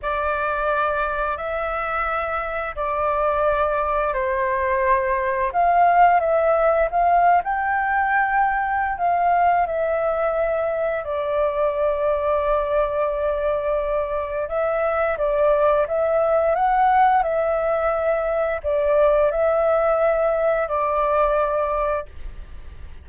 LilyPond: \new Staff \with { instrumentName = "flute" } { \time 4/4 \tempo 4 = 87 d''2 e''2 | d''2 c''2 | f''4 e''4 f''8. g''4~ g''16~ | g''4 f''4 e''2 |
d''1~ | d''4 e''4 d''4 e''4 | fis''4 e''2 d''4 | e''2 d''2 | }